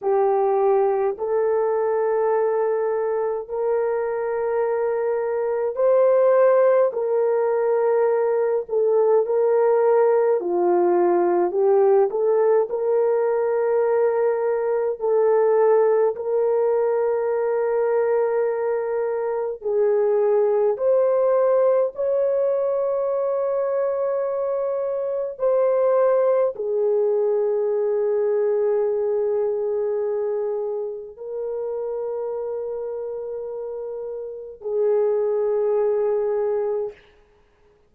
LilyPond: \new Staff \with { instrumentName = "horn" } { \time 4/4 \tempo 4 = 52 g'4 a'2 ais'4~ | ais'4 c''4 ais'4. a'8 | ais'4 f'4 g'8 a'8 ais'4~ | ais'4 a'4 ais'2~ |
ais'4 gis'4 c''4 cis''4~ | cis''2 c''4 gis'4~ | gis'2. ais'4~ | ais'2 gis'2 | }